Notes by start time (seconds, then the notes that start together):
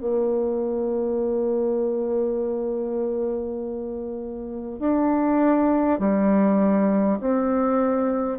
0.00 A#3
4.79 D4
5.99 G3
7.21 C4